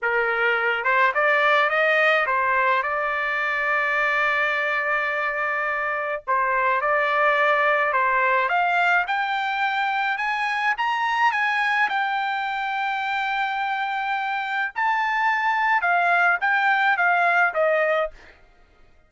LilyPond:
\new Staff \with { instrumentName = "trumpet" } { \time 4/4 \tempo 4 = 106 ais'4. c''8 d''4 dis''4 | c''4 d''2.~ | d''2. c''4 | d''2 c''4 f''4 |
g''2 gis''4 ais''4 | gis''4 g''2.~ | g''2 a''2 | f''4 g''4 f''4 dis''4 | }